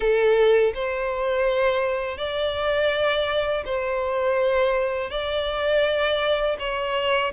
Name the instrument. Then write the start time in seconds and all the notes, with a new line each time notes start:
violin
0.00 A4
0.74 C5
2.17 D5
3.65 C5
5.10 D5
6.59 C#5